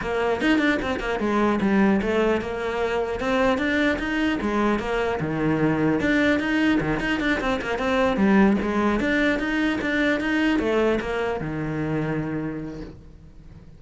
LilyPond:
\new Staff \with { instrumentName = "cello" } { \time 4/4 \tempo 4 = 150 ais4 dis'8 d'8 c'8 ais8 gis4 | g4 a4 ais2 | c'4 d'4 dis'4 gis4 | ais4 dis2 d'4 |
dis'4 dis8 dis'8 d'8 c'8 ais8 c'8~ | c'8 g4 gis4 d'4 dis'8~ | dis'8 d'4 dis'4 a4 ais8~ | ais8 dis2.~ dis8 | }